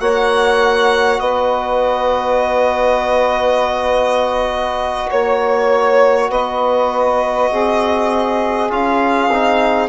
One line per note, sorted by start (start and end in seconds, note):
0.00 1.19 A#3
0.00 8.70 F#4
0.00 1.19 C#5
0.00 1.20 F#5
1.19 5.09 B3
1.19 5.09 B4
1.19 5.09 D#5
5.09 6.29 A#3
5.09 6.29 C#5
5.09 6.31 C#5
6.29 7.50 B3
6.29 7.50 B4
6.29 8.71 D#5
7.50 8.71 C4
7.50 9.88 G#4
8.70 9.29 C#4
8.70 9.30 F4
8.70 9.88 F5
9.29 9.88 C4
9.29 9.88 D#4